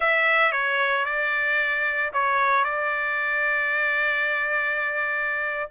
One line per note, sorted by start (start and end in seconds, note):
0.00 0.52 E5
0.52 1.05 C#5
1.05 2.11 D5
2.13 2.64 C#5
2.64 5.69 D5